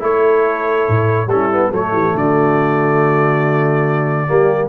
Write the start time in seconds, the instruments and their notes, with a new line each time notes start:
0.00 tuba A3, trombone E4, horn A4, trumpet C#5
0.89 tuba A2
1.27 tuba G3, trombone C#4, horn E4, trumpet A4
1.52 trombone B3
1.70 tuba F#3, trombone A3, horn A4, trumpet C#5
1.93 tuba E3, horn G4
2.15 tuba D3, horn F#4, trumpet D5
4.28 tuba G3, trombone A#3, horn G4